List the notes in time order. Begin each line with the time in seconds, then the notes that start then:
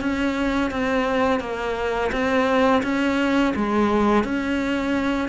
0.00 C#4
0.71 C4
1.40 A#3
2.11 C4
2.82 C#4
3.55 G#3
4.24 C#4